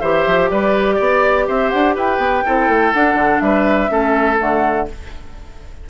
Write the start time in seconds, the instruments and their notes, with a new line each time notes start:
0.00 bassoon E3, clarinet G4, oboe C5, flute E5
0.26 bassoon F3
0.49 bassoon G3, oboe B4, flute D5
0.95 bassoon B3, oboe D5
1.47 bassoon C4, oboe C5, flute E5
1.69 bassoon D4, flute F#5
1.95 bassoon E4, oboe B4, flute G5
2.18 bassoon B3
2.45 bassoon C4, clarinet E4, oboe A4
2.68 bassoon A3
2.93 clarinet D4, bassoon D4, flute F#5
3.14 bassoon D3
3.39 bassoon G3, oboe B4, flute E5
3.88 bassoon A3, clarinet C#4, oboe A4
4.37 bassoon D3, clarinet A3, flute F#5